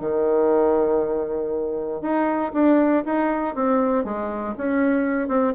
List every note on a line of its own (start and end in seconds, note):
0.00 2.01 D#3
2.01 2.52 D#4
2.53 3.04 D4
3.05 3.55 D#4
3.55 4.04 C4
4.04 4.54 G#3
4.57 5.28 C#4
5.28 5.53 C4